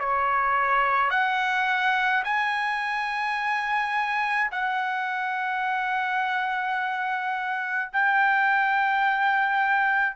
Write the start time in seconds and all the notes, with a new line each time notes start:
0.00 C#5
1.11 F#5
2.24 G#5
4.52 F#5
7.93 G5